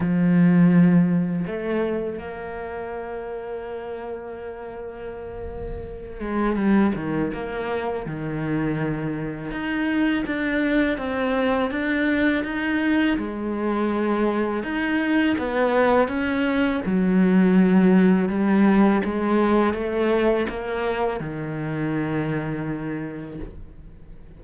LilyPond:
\new Staff \with { instrumentName = "cello" } { \time 4/4 \tempo 4 = 82 f2 a4 ais4~ | ais1~ | ais8 gis8 g8 dis8 ais4 dis4~ | dis4 dis'4 d'4 c'4 |
d'4 dis'4 gis2 | dis'4 b4 cis'4 fis4~ | fis4 g4 gis4 a4 | ais4 dis2. | }